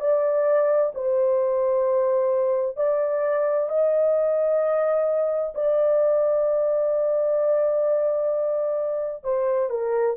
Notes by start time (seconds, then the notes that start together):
0.00 D5
0.94 C5
2.77 D5
3.69 D#5
5.55 D5
9.24 C5
9.70 A#4